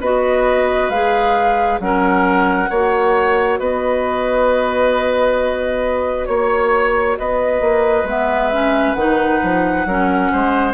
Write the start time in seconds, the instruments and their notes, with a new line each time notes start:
0.00 bassoon B3, clarinet F#4, oboe B4, flute D#5
0.89 bassoon G#3, clarinet G#4, flute F5
1.80 bassoon F#3, clarinet C#4, oboe A#4, flute F#5
2.69 bassoon A#3, clarinet F#4, oboe C#5
3.59 bassoon B3, oboe B4, flute D#5
6.26 bassoon A#3, flute C#5, oboe C#5
7.18 bassoon B3, oboe B4, flute D#5
7.61 bassoon A#3
8.04 bassoon G#3, clarinet B3, flute E5
8.52 clarinet C#4
8.94 bassoon D#3, clarinet D#4, flute F#5
9.43 bassoon F3
9.86 bassoon F#3, clarinet C#4, oboe A#4
10.32 bassoon G#3, oboe C5